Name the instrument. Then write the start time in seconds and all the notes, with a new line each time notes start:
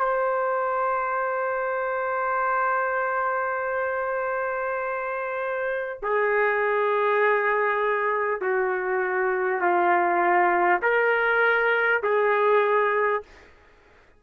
trumpet
0.00 C5
6.03 G#4
8.42 F#4
9.61 F4
10.83 A#4
12.03 G#4